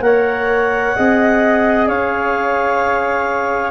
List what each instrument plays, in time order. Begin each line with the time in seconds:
0.00 tuba A#3, trombone A#4, flute C#5, clarinet F#5
0.96 tuba C4, trombone G#4, flute D#5
1.87 tuba C#4, flute C#5, clarinet F5